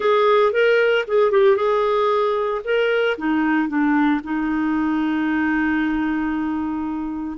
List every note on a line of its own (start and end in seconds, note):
0.00 0.52 G#4
0.52 1.05 A#4
1.07 1.31 G#4
1.31 1.56 G4
1.56 2.61 G#4
2.64 3.17 A#4
3.17 3.68 D#4
3.68 4.21 D4
4.23 7.37 D#4